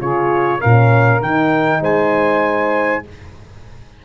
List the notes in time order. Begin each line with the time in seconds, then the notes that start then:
0.00 C#3 F4 G#4 C#5
0.58 C#4 A#4 F5
0.65 A#2
1.21 D#3 D#4 G5
1.81 G#3 C5 G#5